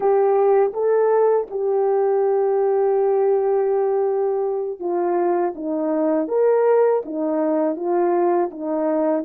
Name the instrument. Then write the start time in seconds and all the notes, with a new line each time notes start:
horn
0.00 G4
0.73 A4
1.50 G4
4.79 F4
5.55 D#4
6.28 A#4
7.05 D#4
7.75 F4
8.51 D#4